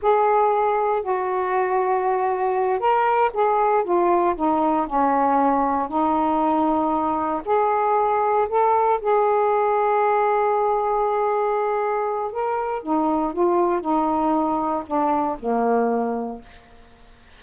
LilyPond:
\new Staff \with { instrumentName = "saxophone" } { \time 4/4 \tempo 4 = 117 gis'2 fis'2~ | fis'4. ais'4 gis'4 f'8~ | f'8 dis'4 cis'2 dis'8~ | dis'2~ dis'8 gis'4.~ |
gis'8 a'4 gis'2~ gis'8~ | gis'1 | ais'4 dis'4 f'4 dis'4~ | dis'4 d'4 ais2 | }